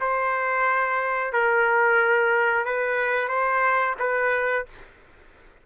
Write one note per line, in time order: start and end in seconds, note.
0.00 1.33 C5
1.33 2.65 A#4
2.65 3.28 B4
3.28 3.95 C5
3.99 4.65 B4